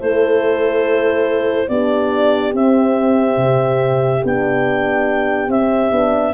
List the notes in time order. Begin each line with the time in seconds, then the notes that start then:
0.00 A3 E4 A4 C5
1.68 B3 D4 G4 D5
2.53 C4 E5
3.37 C3
4.24 B3 D4 G5
5.48 C4 E5
5.92 B3 D4